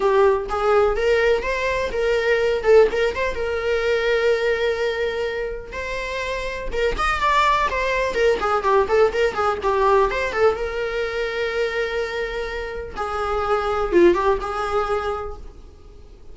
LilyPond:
\new Staff \with { instrumentName = "viola" } { \time 4/4 \tempo 4 = 125 g'4 gis'4 ais'4 c''4 | ais'4. a'8 ais'8 c''8 ais'4~ | ais'1 | c''2 ais'8 dis''8 d''4 |
c''4 ais'8 gis'8 g'8 a'8 ais'8 gis'8 | g'4 c''8 a'8 ais'2~ | ais'2. gis'4~ | gis'4 f'8 g'8 gis'2 | }